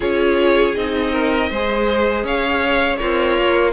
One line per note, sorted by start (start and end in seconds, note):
0.00 0.75 C#4
0.00 0.75 F4
0.00 1.11 G#4
0.00 0.75 C#5
0.75 1.50 C4
0.75 1.51 D#4
0.75 2.25 D#5
1.11 1.49 A#4
1.50 2.23 G#3
1.50 2.99 G#4
1.50 2.24 C5
2.23 2.98 C#4
2.23 2.99 C#5
2.23 2.96 F5
2.96 3.38 C4
2.96 3.72 F4
2.96 3.72 A#4
2.96 3.71 C#5
3.38 3.72 A#3